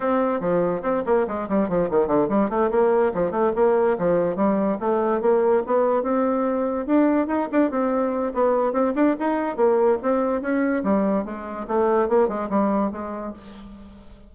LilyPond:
\new Staff \with { instrumentName = "bassoon" } { \time 4/4 \tempo 4 = 144 c'4 f4 c'8 ais8 gis8 g8 | f8 dis8 d8 g8 a8 ais4 f8 | a8 ais4 f4 g4 a8~ | a8 ais4 b4 c'4.~ |
c'8 d'4 dis'8 d'8 c'4. | b4 c'8 d'8 dis'4 ais4 | c'4 cis'4 g4 gis4 | a4 ais8 gis8 g4 gis4 | }